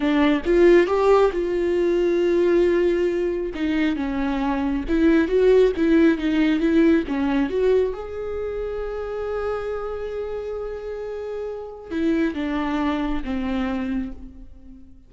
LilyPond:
\new Staff \with { instrumentName = "viola" } { \time 4/4 \tempo 4 = 136 d'4 f'4 g'4 f'4~ | f'1 | dis'4 cis'2 e'4 | fis'4 e'4 dis'4 e'4 |
cis'4 fis'4 gis'2~ | gis'1~ | gis'2. e'4 | d'2 c'2 | }